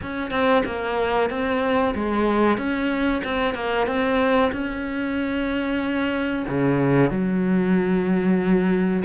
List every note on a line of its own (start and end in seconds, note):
0.01 0.30 C#4
0.30 0.62 C4
0.65 1.30 A#3
1.30 1.94 C4
1.94 2.57 G#3
2.57 3.22 C#4
3.24 3.54 C4
3.54 3.86 A#3
3.86 4.51 C4
4.52 6.45 C#4
6.48 7.10 C#3
7.10 9.03 F#3